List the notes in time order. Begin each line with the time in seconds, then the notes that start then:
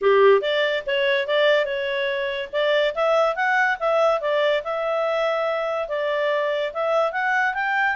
0.01 G4
0.41 D5
0.86 C#5
1.27 D5
1.65 C#5
2.52 D5
2.94 E5
3.35 F#5
3.79 E5
4.20 D5
4.63 E5
5.88 D5
6.73 E5
7.12 F#5
7.54 G5